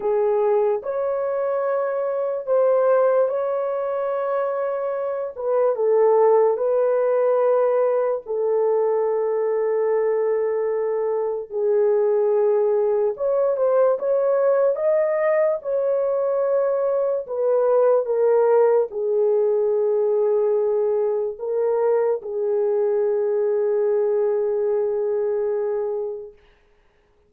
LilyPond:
\new Staff \with { instrumentName = "horn" } { \time 4/4 \tempo 4 = 73 gis'4 cis''2 c''4 | cis''2~ cis''8 b'8 a'4 | b'2 a'2~ | a'2 gis'2 |
cis''8 c''8 cis''4 dis''4 cis''4~ | cis''4 b'4 ais'4 gis'4~ | gis'2 ais'4 gis'4~ | gis'1 | }